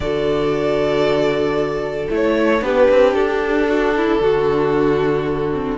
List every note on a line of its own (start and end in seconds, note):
0.00 2.08 D3
0.00 2.10 F#4
0.00 2.62 A4
0.00 2.09 D5
2.10 2.61 A3
2.10 2.61 E4
2.10 2.63 C#5
2.61 2.87 B3
2.61 5.50 D4
2.61 3.68 G4
2.61 3.14 B4
2.90 3.13 C4
3.13 4.19 D4
3.13 5.77 A4
3.68 3.95 F#4
3.96 4.22 E4
4.20 5.77 D3
4.20 5.77 F#4
5.53 5.77 C4